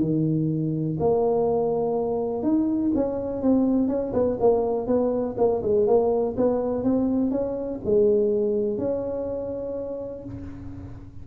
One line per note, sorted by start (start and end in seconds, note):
0.00 0.98 D#3
1.00 2.43 A#3
2.43 2.92 D#4
2.95 3.42 C#4
3.42 3.88 C4
3.88 4.13 C#4
4.13 4.38 B3
4.40 4.87 A#3
4.87 5.35 B3
5.38 5.62 A#3
5.62 5.87 G#3
5.87 6.35 A#3
6.37 6.84 B3
6.84 7.31 C4
7.31 7.80 C#4
7.85 8.78 G#3
8.78 10.24 C#4